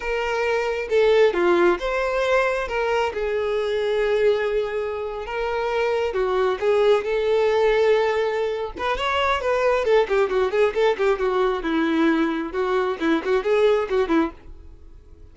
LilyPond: \new Staff \with { instrumentName = "violin" } { \time 4/4 \tempo 4 = 134 ais'2 a'4 f'4 | c''2 ais'4 gis'4~ | gis'2.~ gis'8. ais'16~ | ais'4.~ ais'16 fis'4 gis'4 a'16~ |
a'2.~ a'8 b'8 | cis''4 b'4 a'8 g'8 fis'8 gis'8 | a'8 g'8 fis'4 e'2 | fis'4 e'8 fis'8 gis'4 fis'8 e'8 | }